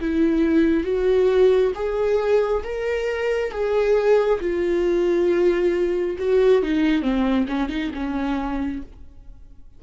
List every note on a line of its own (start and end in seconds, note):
0.00 0.84 E4
0.84 1.72 F#4
1.75 2.63 G#4
2.63 3.51 A#4
3.51 4.40 G#4
4.40 6.16 F4
6.18 6.63 F#4
6.63 7.02 D#4
7.02 7.46 C4
7.48 7.69 C#4
7.69 7.91 D#4
7.94 8.82 C#4